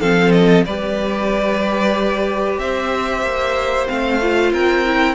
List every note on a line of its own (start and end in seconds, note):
0.00 0.65 F3
0.00 0.65 C4
0.00 0.65 A4
0.00 0.31 F5
0.31 0.63 D#5
0.65 2.57 G3
0.65 3.87 G4
0.65 2.59 B4
0.65 2.58 D5
2.57 3.22 C4
2.57 4.52 C5
2.57 3.87 E5
3.22 3.86 A#3
3.87 4.52 A3
3.87 4.19 C4
3.87 4.52 F5
4.22 4.86 F4
4.52 5.15 C4
4.52 5.15 A#4
4.52 5.15 G5
4.86 5.15 E4